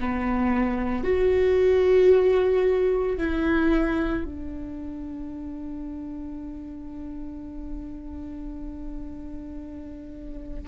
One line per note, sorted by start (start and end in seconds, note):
0.00 1.04 B3
1.04 3.18 F#4
3.18 4.25 E4
4.25 10.68 D4